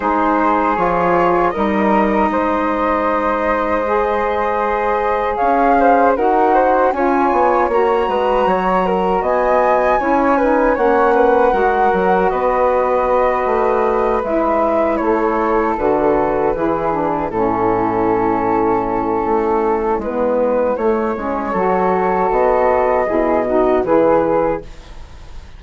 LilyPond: <<
  \new Staff \with { instrumentName = "flute" } { \time 4/4 \tempo 4 = 78 c''4 cis''4 dis''2~ | dis''2. f''4 | fis''4 gis''4 ais''2 | gis''2 fis''2 |
dis''2~ dis''8 e''4 cis''8~ | cis''8 b'2 a'4.~ | a'2 b'4 cis''4~ | cis''4 dis''2 b'4 | }
  \new Staff \with { instrumentName = "flute" } { \time 4/4 gis'2 ais'4 c''4~ | c''2. cis''8 c''8 | ais'8 c''8 cis''4. b'8 cis''8 ais'8 | dis''4 cis''8 b'8 cis''8 b'8 ais'4 |
b'2.~ b'8 a'8~ | a'4. gis'4 e'4.~ | e'1 | a'2 gis'8 fis'8 gis'4 | }
  \new Staff \with { instrumentName = "saxophone" } { \time 4/4 dis'4 f'4 dis'2~ | dis'4 gis'2. | fis'4 f'4 fis'2~ | fis'4 e'8 dis'8 cis'4 fis'4~ |
fis'2~ fis'8 e'4.~ | e'8 fis'4 e'8 d'8 cis'4.~ | cis'2 b4 a8 cis'8 | fis'2 e'8 dis'8 e'4 | }
  \new Staff \with { instrumentName = "bassoon" } { \time 4/4 gis4 f4 g4 gis4~ | gis2. cis'4 | dis'4 cis'8 b8 ais8 gis8 fis4 | b4 cis'4 ais4 gis8 fis8 |
b4. a4 gis4 a8~ | a8 d4 e4 a,4.~ | a,4 a4 gis4 a8 gis8 | fis4 b4 b,4 e4 | }
>>